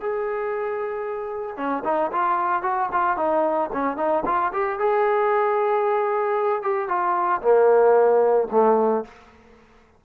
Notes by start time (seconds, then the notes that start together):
0.00 G#4
1.56 C#4
1.84 D#4
2.12 F4
2.62 F#4
2.92 F4
3.17 D#4
3.72 C#4
3.97 D#4
4.25 F4
4.52 G4
4.79 G#4
6.62 G4
6.88 F4
7.41 A#3
8.51 A3